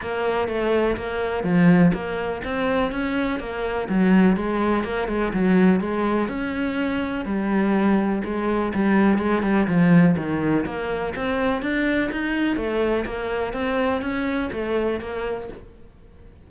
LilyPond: \new Staff \with { instrumentName = "cello" } { \time 4/4 \tempo 4 = 124 ais4 a4 ais4 f4 | ais4 c'4 cis'4 ais4 | fis4 gis4 ais8 gis8 fis4 | gis4 cis'2 g4~ |
g4 gis4 g4 gis8 g8 | f4 dis4 ais4 c'4 | d'4 dis'4 a4 ais4 | c'4 cis'4 a4 ais4 | }